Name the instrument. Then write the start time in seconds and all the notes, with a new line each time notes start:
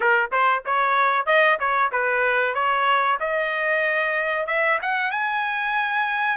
trumpet
0.00 A#4
0.31 C5
0.65 C#5
1.26 D#5
1.59 C#5
1.91 B4
2.54 C#5
3.20 D#5
4.47 E5
4.82 F#5
5.11 G#5